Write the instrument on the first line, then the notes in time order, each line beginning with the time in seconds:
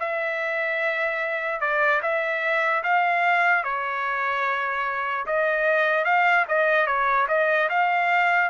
trumpet
0.00 E5
1.61 D5
2.02 E5
2.84 F5
3.64 C#5
5.27 D#5
6.05 F5
6.49 D#5
6.87 C#5
7.29 D#5
7.70 F5